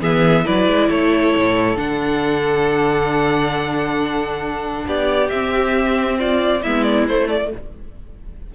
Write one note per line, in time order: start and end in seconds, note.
0.00 0.44 E3
0.00 0.45 B3
0.00 0.45 G#4
0.00 0.46 E5
0.45 0.67 F#3
0.45 1.76 E4
0.45 0.89 B4
0.45 0.90 D5
0.67 0.89 G#3
0.90 1.34 A3
0.90 4.86 A4
0.90 1.77 C#5
1.36 1.76 A2
1.76 4.85 D3
1.76 5.29 D4
1.76 4.86 F#5
4.86 5.30 B3
4.86 6.19 G4
4.86 5.29 D5
5.29 6.64 C4
5.29 6.65 C4
5.29 6.17 E5
6.19 6.62 F4
6.19 6.63 D5
6.62 7.08 G#3
6.62 7.09 B3
6.62 7.50 E4
6.62 6.83 E5
6.83 7.05 D5
7.08 7.52 A3
7.08 7.54 A3
7.08 7.29 C5
7.29 7.51 D5